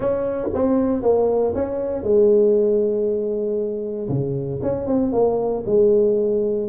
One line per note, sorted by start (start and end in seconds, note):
0.00 0.48 C#4
0.54 1.02 C4
1.02 1.53 A#3
1.55 2.03 C#4
2.03 4.08 G#3
4.09 4.60 C#3
4.62 4.86 C#4
4.86 5.12 C4
5.12 5.63 A#3
5.66 6.68 G#3